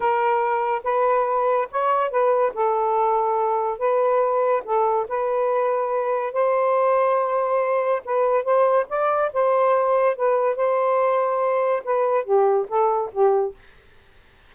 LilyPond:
\new Staff \with { instrumentName = "saxophone" } { \time 4/4 \tempo 4 = 142 ais'2 b'2 | cis''4 b'4 a'2~ | a'4 b'2 a'4 | b'2. c''4~ |
c''2. b'4 | c''4 d''4 c''2 | b'4 c''2. | b'4 g'4 a'4 g'4 | }